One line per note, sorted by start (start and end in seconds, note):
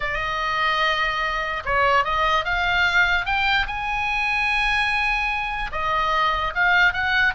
0.00 1.63 D#5
1.65 2.04 C#5
2.04 2.44 D#5
2.44 3.25 F5
3.25 3.66 G5
3.66 5.71 G#5
5.72 6.53 D#5
6.55 6.93 F5
6.93 7.34 F#5